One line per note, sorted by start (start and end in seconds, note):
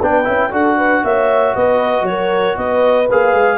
0.00 0.27 B3
0.00 0.24 D4
0.00 0.51 B4
0.00 0.53 G5
0.24 0.52 C#4
0.24 0.50 E4
0.51 1.04 D4
0.51 3.07 F#4
0.51 0.77 A4
0.51 1.04 F#5
0.77 1.03 B4
1.04 1.55 A#3
1.04 1.55 C#5
1.04 1.55 E5
1.55 2.02 B3
1.55 2.06 B4
1.55 2.05 D#5
2.02 2.53 F#3
2.02 2.57 C#5
2.09 2.58 A#4
2.57 3.08 B3
2.57 3.58 B4
2.57 3.08 D#5
3.10 3.33 A#3
3.10 3.58 G#4
3.10 3.58 F5
3.33 3.58 G#3